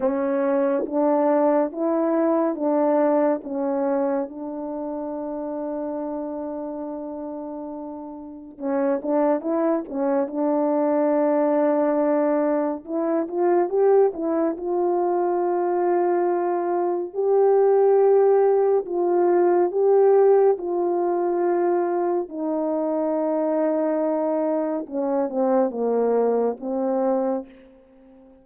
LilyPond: \new Staff \with { instrumentName = "horn" } { \time 4/4 \tempo 4 = 70 cis'4 d'4 e'4 d'4 | cis'4 d'2.~ | d'2 cis'8 d'8 e'8 cis'8 | d'2. e'8 f'8 |
g'8 e'8 f'2. | g'2 f'4 g'4 | f'2 dis'2~ | dis'4 cis'8 c'8 ais4 c'4 | }